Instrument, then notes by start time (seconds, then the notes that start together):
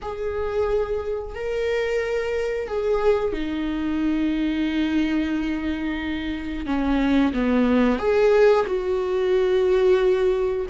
viola
0.02 G#4
1.35 A#4
2.67 G#4
3.32 D#4
6.66 C#4
7.33 B3
7.98 G#4
8.66 F#4